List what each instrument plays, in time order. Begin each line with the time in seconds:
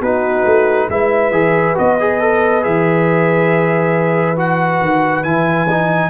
0.00 tuba B3, trombone D#4, horn F#4, trumpet B4
0.45 tuba A3
0.89 tuba G#3, trombone E4, horn B4, trumpet E5
1.31 tuba E3, trombone G#4
1.74 tuba B3, trombone F#4, trumpet D#5
1.99 trombone G#4
2.20 trombone A4
2.61 tuba E3, trombone G#4, trumpet E5
4.36 trombone F#4, trumpet F#5
4.81 tuba D#3
5.23 tuba E3, trombone E4, trumpet G#5
5.69 trombone D#4